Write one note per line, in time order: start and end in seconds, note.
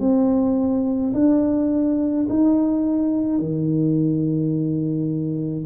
0.00 1.13 C4
1.14 2.27 D4
2.29 3.39 D#4
3.39 5.66 D#3